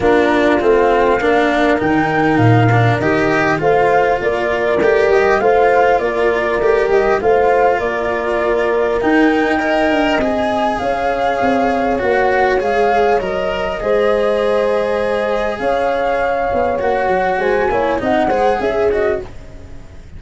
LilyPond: <<
  \new Staff \with { instrumentName = "flute" } { \time 4/4 \tempo 4 = 100 ais'4 f''2 g''4 | f''4 dis''4 f''4 d''4~ | d''8 dis''8 f''4 d''4. dis''8 | f''4 d''2 g''4~ |
g''4 gis''4 f''2 | fis''4 f''4 dis''2~ | dis''2 f''2 | fis''4 gis''4 fis''4 e''8 dis''8 | }
  \new Staff \with { instrumentName = "horn" } { \time 4/4 f'2 ais'2~ | ais'2 c''4 ais'4~ | ais'4 c''4 ais'2 | c''4 ais'2. |
dis''2 cis''2~ | cis''2. c''4~ | c''2 cis''2~ | cis''4 c''8 cis''8 dis''8 c''8 gis'4 | }
  \new Staff \with { instrumentName = "cello" } { \time 4/4 d'4 c'4 d'4 dis'4~ | dis'8 d'8 g'4 f'2 | g'4 f'2 g'4 | f'2. dis'4 |
ais'4 gis'2. | fis'4 gis'4 ais'4 gis'4~ | gis'1 | fis'4. e'8 dis'8 gis'4 fis'8 | }
  \new Staff \with { instrumentName = "tuba" } { \time 4/4 ais4 a4 ais4 dis4 | ais,4 dis4 a4 ais4 | a8 g8 a4 ais4 a8 g8 | a4 ais2 dis'4~ |
dis'8 d'8 c'4 cis'4 c'4 | ais4 gis4 fis4 gis4~ | gis2 cis'4. b8 | ais8 fis8 gis8 ais8 c'8 gis8 cis'4 | }
>>